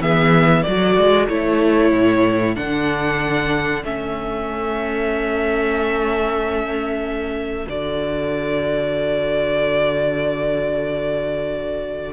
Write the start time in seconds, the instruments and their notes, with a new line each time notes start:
0.00 cello E3, viola B3, violin G#4 E5
0.62 cello F#3, viola F#4, violin A4 D5
0.97 cello G#3
1.28 cello A3, viola E4, violin C#5
1.92 cello A2
2.56 cello D3, viola D4, violin F#5
3.84 cello A3, viola C#4, violin E5
7.67 cello D3, viola F#4, violin D5